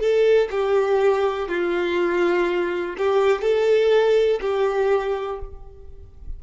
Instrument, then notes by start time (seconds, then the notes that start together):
violin
0.00 A4
0.51 G4
1.49 F4
2.98 G4
3.42 A4
4.42 G4